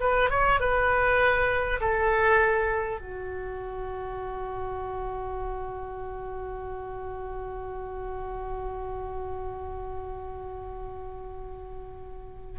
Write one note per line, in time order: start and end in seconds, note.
0.00 0.30 B4
0.30 0.60 C#5
0.60 1.80 B4
1.81 3.01 A4
3.01 12.59 F#4